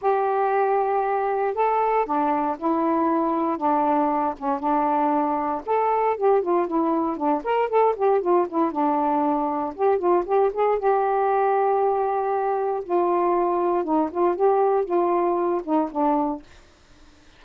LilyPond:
\new Staff \with { instrumentName = "saxophone" } { \time 4/4 \tempo 4 = 117 g'2. a'4 | d'4 e'2 d'4~ | d'8 cis'8 d'2 a'4 | g'8 f'8 e'4 d'8 ais'8 a'8 g'8 |
f'8 e'8 d'2 g'8 f'8 | g'8 gis'8 g'2.~ | g'4 f'2 dis'8 f'8 | g'4 f'4. dis'8 d'4 | }